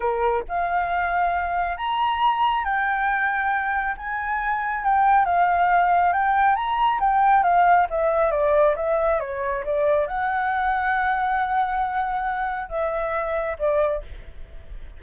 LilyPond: \new Staff \with { instrumentName = "flute" } { \time 4/4 \tempo 4 = 137 ais'4 f''2. | ais''2 g''2~ | g''4 gis''2 g''4 | f''2 g''4 ais''4 |
g''4 f''4 e''4 d''4 | e''4 cis''4 d''4 fis''4~ | fis''1~ | fis''4 e''2 d''4 | }